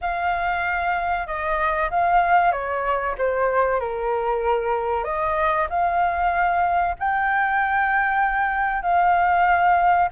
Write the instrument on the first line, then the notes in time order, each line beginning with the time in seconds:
flute
0.01 F5
1.27 D#5
1.90 F5
2.51 C#5
3.18 C5
3.80 A#4
5.04 D#5
5.69 F5
6.99 G5
8.82 F5